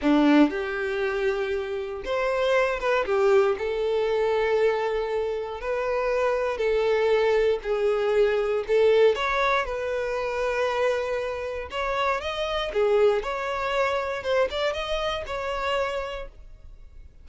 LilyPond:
\new Staff \with { instrumentName = "violin" } { \time 4/4 \tempo 4 = 118 d'4 g'2. | c''4. b'8 g'4 a'4~ | a'2. b'4~ | b'4 a'2 gis'4~ |
gis'4 a'4 cis''4 b'4~ | b'2. cis''4 | dis''4 gis'4 cis''2 | c''8 d''8 dis''4 cis''2 | }